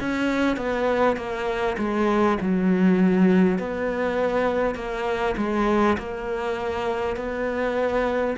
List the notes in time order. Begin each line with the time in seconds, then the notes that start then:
0.00 C#4
0.56 B3
1.16 A#3
1.78 G#3
2.41 F#3
3.58 B3
4.75 A#3
5.37 G#3
5.98 A#3
7.16 B3